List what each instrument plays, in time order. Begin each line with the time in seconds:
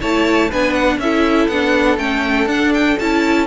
0.00 cello A3, viola E4, violin C#5 A5
0.49 cello B3, viola D4, violin B4 G#5
0.73 violin F#5
0.97 cello C#4, viola E4, violin A4 E5
1.47 cello B3, viola D4, violin F#5
1.97 cello A3, viola C#4, violin G5
2.46 cello D4, viola D4, violin F#5
2.74 violin G5
2.98 cello C#4, viola E4, violin A5